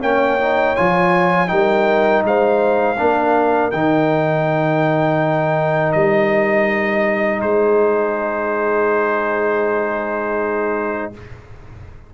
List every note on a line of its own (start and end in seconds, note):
0.00 0.76 A#3
0.00 0.38 C#4
0.00 1.48 C#5
0.00 0.76 G5
0.39 0.76 D#4
0.76 1.51 F3
0.76 1.47 F4
0.76 1.48 G#5
1.47 2.24 G3
1.47 2.95 D#4
1.47 2.24 A#4
1.47 2.22 G5
2.24 2.98 G#3
2.24 2.99 C5
2.24 3.71 F5
2.98 3.72 A#3
2.98 3.72 D4
2.98 7.42 A#4
3.71 5.94 D#3
3.71 11.13 D#4
3.71 5.92 G5
5.92 7.42 G3
5.92 7.40 D#5
7.41 11.12 G#3
7.41 11.12 G#4
7.41 11.11 C5